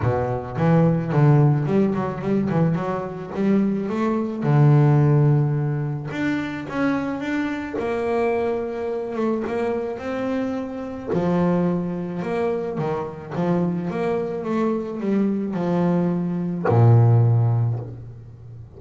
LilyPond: \new Staff \with { instrumentName = "double bass" } { \time 4/4 \tempo 4 = 108 b,4 e4 d4 g8 fis8 | g8 e8 fis4 g4 a4 | d2. d'4 | cis'4 d'4 ais2~ |
ais8 a8 ais4 c'2 | f2 ais4 dis4 | f4 ais4 a4 g4 | f2 ais,2 | }